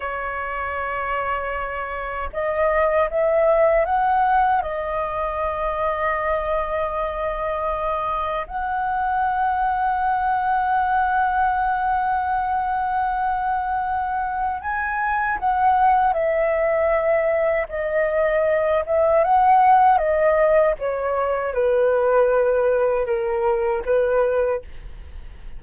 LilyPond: \new Staff \with { instrumentName = "flute" } { \time 4/4 \tempo 4 = 78 cis''2. dis''4 | e''4 fis''4 dis''2~ | dis''2. fis''4~ | fis''1~ |
fis''2. gis''4 | fis''4 e''2 dis''4~ | dis''8 e''8 fis''4 dis''4 cis''4 | b'2 ais'4 b'4 | }